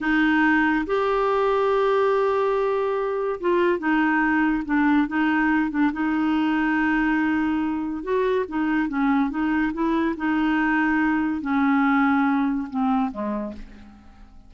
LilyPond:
\new Staff \with { instrumentName = "clarinet" } { \time 4/4 \tempo 4 = 142 dis'2 g'2~ | g'1 | f'4 dis'2 d'4 | dis'4. d'8 dis'2~ |
dis'2. fis'4 | dis'4 cis'4 dis'4 e'4 | dis'2. cis'4~ | cis'2 c'4 gis4 | }